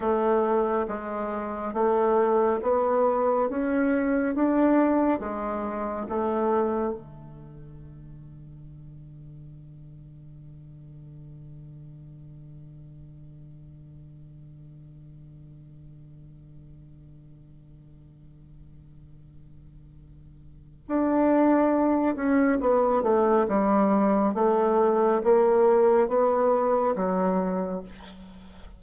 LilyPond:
\new Staff \with { instrumentName = "bassoon" } { \time 4/4 \tempo 4 = 69 a4 gis4 a4 b4 | cis'4 d'4 gis4 a4 | d1~ | d1~ |
d1~ | d1 | d'4. cis'8 b8 a8 g4 | a4 ais4 b4 fis4 | }